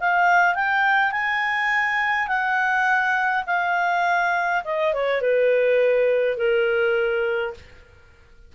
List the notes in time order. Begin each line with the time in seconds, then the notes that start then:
0.00 F5
0.55 G5
1.12 G#5
2.28 F#5
3.47 F5
4.64 D#5
4.94 C#5
5.21 B4
6.38 A#4